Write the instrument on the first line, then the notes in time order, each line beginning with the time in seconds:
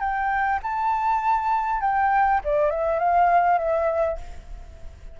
flute
0.00 G5
0.63 A5
1.81 G5
2.44 D5
2.70 E5
2.99 F5
3.58 E5